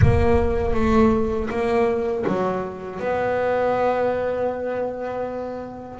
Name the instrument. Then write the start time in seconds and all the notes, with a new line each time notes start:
double bass
0.01 A#3
0.74 A3
1.50 A#3
2.27 F#3
2.99 B3